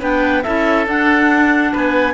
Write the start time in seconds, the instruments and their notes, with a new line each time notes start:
0.00 cello B3, clarinet D4 G5, oboe B4
0.43 cello C#4, clarinet E4 E5, oboe A4
0.86 clarinet D4 F#5, cello D4
1.72 cello B3, oboe B4, clarinet G#5